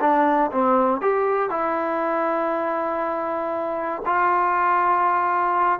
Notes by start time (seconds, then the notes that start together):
0.00 D4
0.52 C4
1.01 G4
1.50 E4
4.05 F4